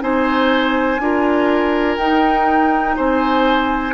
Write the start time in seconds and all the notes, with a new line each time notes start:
0.00 C4 D#4 C5 G#5
0.99 D4 F4 A#4
1.98 D#4 G5
2.96 C4 C5 G#5